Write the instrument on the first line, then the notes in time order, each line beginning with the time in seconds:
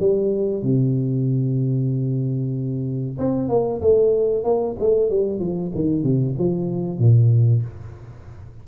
tuba
0.00 G3
0.63 C3
3.19 C4
3.49 A#3
3.81 A3
4.44 A#3
4.80 A3
5.10 G3
5.40 F3
5.75 D#3
6.03 C3
6.39 F3
6.99 A#2